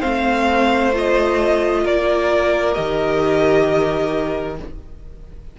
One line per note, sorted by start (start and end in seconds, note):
0.00 1.85 A3
0.00 0.92 C4
0.00 1.82 C5
0.00 0.92 F5
0.94 2.75 F4
0.94 1.87 D#5
1.84 2.76 A#3
1.84 4.57 A#4
1.84 2.74 D5
2.74 4.60 D#3
2.74 4.57 G4
2.74 4.56 D#5